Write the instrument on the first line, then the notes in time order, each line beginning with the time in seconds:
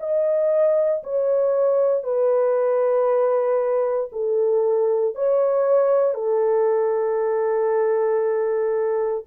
horn
0.00 D#5
1.04 C#5
2.04 B4
4.12 A4
5.15 C#5
6.14 A4